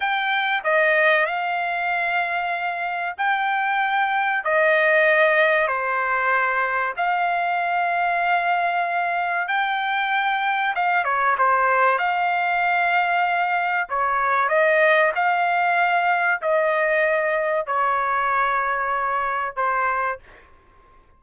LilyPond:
\new Staff \with { instrumentName = "trumpet" } { \time 4/4 \tempo 4 = 95 g''4 dis''4 f''2~ | f''4 g''2 dis''4~ | dis''4 c''2 f''4~ | f''2. g''4~ |
g''4 f''8 cis''8 c''4 f''4~ | f''2 cis''4 dis''4 | f''2 dis''2 | cis''2. c''4 | }